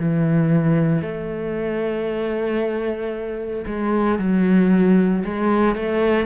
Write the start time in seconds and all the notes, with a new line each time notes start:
0.00 E3
1.02 A3
3.67 G#3
4.19 F#3
5.25 G#3
5.76 A3